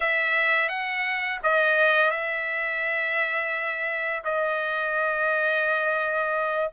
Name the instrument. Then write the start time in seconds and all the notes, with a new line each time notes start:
trumpet
0.00 E5
0.68 F#5
1.43 D#5
2.10 E5
4.24 D#5